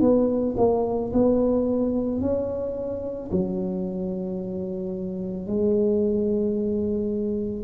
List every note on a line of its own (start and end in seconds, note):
0.00 0.55 B3
0.57 1.12 A#3
1.13 2.21 B3
2.21 3.30 C#4
3.31 5.46 F#3
5.46 7.64 G#3